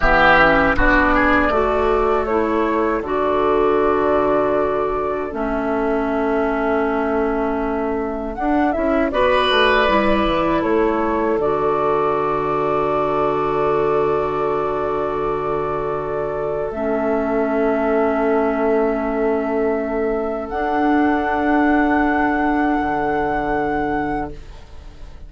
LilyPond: <<
  \new Staff \with { instrumentName = "flute" } { \time 4/4 \tempo 4 = 79 e''4 d''2 cis''4 | d''2. e''4~ | e''2. fis''8 e''8 | d''2 cis''4 d''4~ |
d''1~ | d''2 e''2~ | e''2. fis''4~ | fis''1 | }
  \new Staff \with { instrumentName = "oboe" } { \time 4/4 g'4 fis'8 gis'8 a'2~ | a'1~ | a'1 | b'2 a'2~ |
a'1~ | a'1~ | a'1~ | a'1 | }
  \new Staff \with { instrumentName = "clarinet" } { \time 4/4 b8 cis'8 d'4 fis'4 e'4 | fis'2. cis'4~ | cis'2. d'8 e'8 | fis'4 e'2 fis'4~ |
fis'1~ | fis'2 cis'2~ | cis'2. d'4~ | d'1 | }
  \new Staff \with { instrumentName = "bassoon" } { \time 4/4 e4 b4 a2 | d2. a4~ | a2. d'8 cis'8 | b8 a8 g8 e8 a4 d4~ |
d1~ | d2 a2~ | a2. d'4~ | d'2 d2 | }
>>